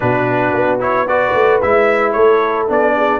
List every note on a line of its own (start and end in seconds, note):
0.00 0.53 B2
0.00 0.79 D4
0.00 1.08 F#4
0.00 0.79 B4
0.53 1.33 B3
0.79 1.06 E4
0.79 1.07 C#5
1.07 1.62 F#4
1.07 2.14 B4
1.07 1.61 D5
1.34 1.60 A3
1.61 2.15 G#3
1.61 2.68 E4
1.61 2.12 E5
2.12 2.69 A3
2.12 2.94 A4
2.12 2.65 C#5
2.68 3.20 B3
2.68 3.20 D4
2.68 3.20 D5
2.96 3.20 G#4